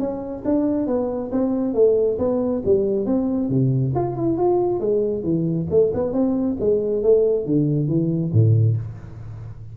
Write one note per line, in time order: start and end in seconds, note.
0.00 0.44 C#4
0.45 0.87 D4
0.87 1.31 B3
1.32 1.75 C4
1.75 2.18 A3
2.19 2.63 B3
2.65 3.06 G3
3.06 3.50 C4
3.50 3.94 C3
3.96 4.17 F4
4.17 4.38 E4
4.38 4.81 F4
4.81 5.24 G#3
5.24 5.67 E3
5.71 5.93 A3
5.94 6.13 B3
6.13 6.57 C4
6.60 7.03 G#3
7.03 7.46 A3
7.46 7.88 D3
7.88 8.32 E3
8.34 8.77 A2